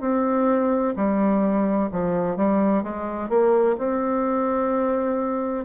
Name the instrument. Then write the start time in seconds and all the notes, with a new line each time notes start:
bassoon
0.00 C4
0.95 G3
1.91 F3
2.36 G3
2.83 G#3
3.29 A#3
3.78 C4